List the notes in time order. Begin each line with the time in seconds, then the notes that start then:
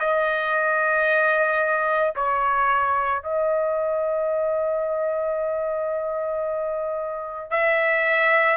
0.00 D#5
2.16 C#5
3.23 D#5
7.50 E5